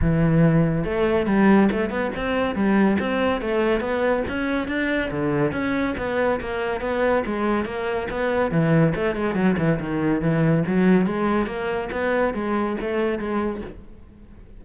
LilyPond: \new Staff \with { instrumentName = "cello" } { \time 4/4 \tempo 4 = 141 e2 a4 g4 | a8 b8 c'4 g4 c'4 | a4 b4 cis'4 d'4 | d4 cis'4 b4 ais4 |
b4 gis4 ais4 b4 | e4 a8 gis8 fis8 e8 dis4 | e4 fis4 gis4 ais4 | b4 gis4 a4 gis4 | }